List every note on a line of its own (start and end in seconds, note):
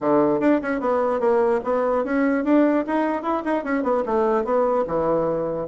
0.01 0.40 D3
0.40 0.60 D4
0.62 0.80 C#4
0.80 1.20 B3
1.20 1.60 A#3
1.63 2.04 B3
2.04 2.44 C#4
2.44 2.85 D4
2.86 3.22 D#4
3.22 3.42 E4
3.44 3.64 D#4
3.64 3.83 C#4
3.83 4.03 B3
4.05 4.44 A3
4.44 4.84 B3
4.87 5.67 E3